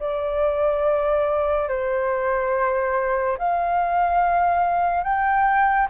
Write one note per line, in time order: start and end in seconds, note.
0.00 1.69 D5
1.69 3.38 C5
3.38 5.04 F5
5.04 5.88 G5